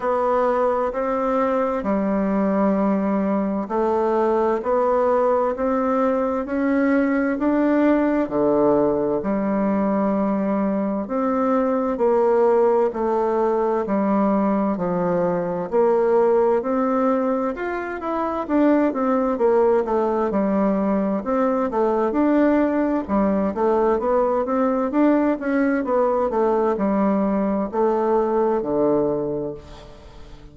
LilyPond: \new Staff \with { instrumentName = "bassoon" } { \time 4/4 \tempo 4 = 65 b4 c'4 g2 | a4 b4 c'4 cis'4 | d'4 d4 g2 | c'4 ais4 a4 g4 |
f4 ais4 c'4 f'8 e'8 | d'8 c'8 ais8 a8 g4 c'8 a8 | d'4 g8 a8 b8 c'8 d'8 cis'8 | b8 a8 g4 a4 d4 | }